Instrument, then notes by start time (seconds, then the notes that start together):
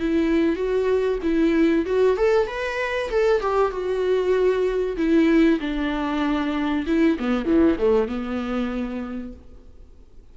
viola
0.00 E4
0.56 F#4
1.23 E4
1.86 F#4
2.17 A4
2.47 B4
3.10 A4
3.41 G4
3.72 F#4
4.97 E4
5.61 D4
6.87 E4
7.19 B3
7.46 E3
7.79 A3
8.08 B3